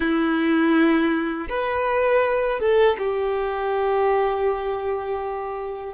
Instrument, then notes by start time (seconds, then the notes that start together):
violin
0.00 E4
1.49 B4
2.59 A4
2.98 G4